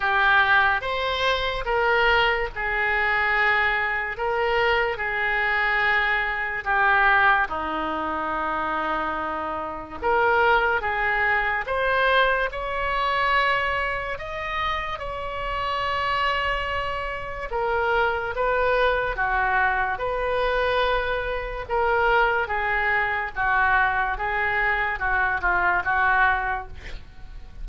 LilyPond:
\new Staff \with { instrumentName = "oboe" } { \time 4/4 \tempo 4 = 72 g'4 c''4 ais'4 gis'4~ | gis'4 ais'4 gis'2 | g'4 dis'2. | ais'4 gis'4 c''4 cis''4~ |
cis''4 dis''4 cis''2~ | cis''4 ais'4 b'4 fis'4 | b'2 ais'4 gis'4 | fis'4 gis'4 fis'8 f'8 fis'4 | }